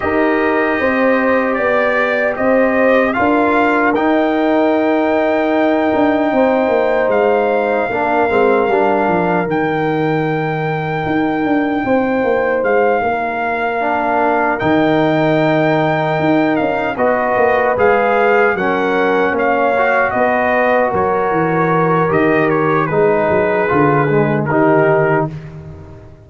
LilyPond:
<<
  \new Staff \with { instrumentName = "trumpet" } { \time 4/4 \tempo 4 = 76 dis''2 d''4 dis''4 | f''4 g''2.~ | g''4 f''2. | g''1 |
f''2~ f''8 g''4.~ | g''4 f''8 dis''4 f''4 fis''8~ | fis''8 f''4 dis''4 cis''4. | dis''8 cis''8 b'2 ais'4 | }
  \new Staff \with { instrumentName = "horn" } { \time 4/4 ais'4 c''4 d''4 c''4 | ais'1 | c''2 ais'2~ | ais'2. c''4~ |
c''8 ais'2.~ ais'8~ | ais'4. b'2 ais'8~ | ais'8 cis''4 b'4 ais'4.~ | ais'4 gis'2 g'4 | }
  \new Staff \with { instrumentName = "trombone" } { \time 4/4 g'1 | f'4 dis'2.~ | dis'2 d'8 c'8 d'4 | dis'1~ |
dis'4. d'4 dis'4.~ | dis'4. fis'4 gis'4 cis'8~ | cis'4 fis'2. | g'4 dis'4 f'8 gis8 dis'4 | }
  \new Staff \with { instrumentName = "tuba" } { \time 4/4 dis'4 c'4 b4 c'4 | d'4 dis'2~ dis'8 d'8 | c'8 ais8 gis4 ais8 gis8 g8 f8 | dis2 dis'8 d'8 c'8 ais8 |
gis8 ais2 dis4.~ | dis8 dis'8 cis'8 b8 ais8 gis4 fis8~ | fis8 ais4 b4 fis8 e4 | dis4 gis8 fis8 d4 dis4 | }
>>